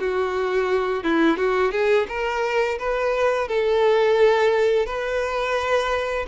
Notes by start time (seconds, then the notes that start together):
0.00 F#4
1.04 E4
1.38 F#4
1.72 G#4
2.09 A#4
2.79 B4
3.48 A4
4.87 B4